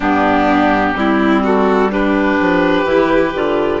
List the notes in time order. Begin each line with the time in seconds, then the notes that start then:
0.00 G2 B3 D4 G4
0.95 G3 C4 E4
1.43 F#4 A4
1.90 D4 G4 B4
2.40 F3
2.84 E3 E4
3.34 D3 F4